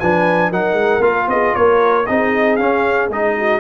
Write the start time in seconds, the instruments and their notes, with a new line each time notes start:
0.00 tuba F3, trombone D4, horn B4, trumpet G#5
0.50 tuba F#3, trombone D#4, horn A#4, trumpet F#5
0.74 tuba G#3
1.01 tuba A#3, trombone F4, trumpet F5
1.28 tuba B3, horn G#4, trumpet D#5
1.55 tuba A#3, horn A#4, trumpet C#5
2.06 tuba C4, trombone D#4, horn G#4, trumpet D#5
2.57 tuba C#4, trombone C#4, trumpet F5
3.09 tuba G#3, trombone D#4, trumpet D#5
3.38 horn F#4